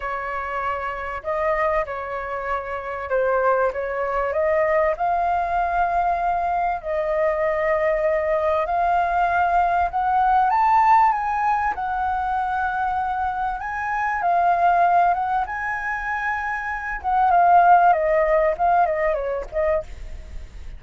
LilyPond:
\new Staff \with { instrumentName = "flute" } { \time 4/4 \tempo 4 = 97 cis''2 dis''4 cis''4~ | cis''4 c''4 cis''4 dis''4 | f''2. dis''4~ | dis''2 f''2 |
fis''4 a''4 gis''4 fis''4~ | fis''2 gis''4 f''4~ | f''8 fis''8 gis''2~ gis''8 fis''8 | f''4 dis''4 f''8 dis''8 cis''8 dis''8 | }